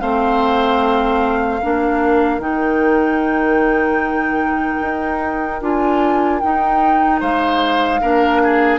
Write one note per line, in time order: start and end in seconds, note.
0.00 1.61 A3
0.00 1.60 C4
0.00 1.60 C5
0.00 2.40 F5
1.60 2.38 A#3
1.60 2.40 D4
1.60 7.20 A#4
2.38 4.78 D#3
2.38 5.60 D#4
2.38 5.61 G5
4.81 5.61 D#4
5.61 6.41 D4
5.61 6.41 F4
5.61 6.39 G#5
6.39 8.02 D#4
6.39 7.21 D#4
6.39 7.19 G5
7.20 8.01 G#3
7.20 8.00 C5
7.20 8.78 F5
8.01 8.78 A#3
8.01 8.78 D4
8.01 8.41 A#4
8.43 8.78 G#4